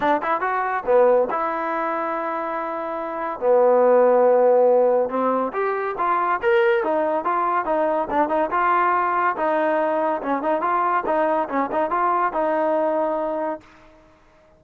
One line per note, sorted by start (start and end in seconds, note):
0.00 0.21 D4
0.22 0.40 E4
0.40 0.83 F#4
0.85 1.28 B3
1.30 3.40 E4
3.40 5.09 B3
5.09 5.52 C4
5.52 5.95 G4
5.98 6.40 F4
6.42 6.83 A#4
6.83 7.24 D#4
7.24 7.65 F4
7.65 8.07 D#4
8.10 8.28 D4
8.28 8.50 D#4
8.50 9.36 F4
9.36 10.21 D#4
10.21 10.42 C#4
10.42 10.61 D#4
10.61 11.03 F4
11.06 11.48 D#4
11.48 11.70 C#4
11.72 11.90 D#4
11.90 12.32 F4
12.32 13.60 D#4